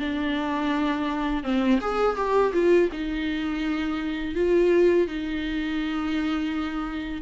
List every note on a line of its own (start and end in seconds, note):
0.00 1.44 D4
1.44 1.80 C4
1.81 2.17 G#4
2.17 2.53 G4
2.54 2.90 F4
2.92 4.35 D#4
4.35 5.08 F4
5.08 7.22 D#4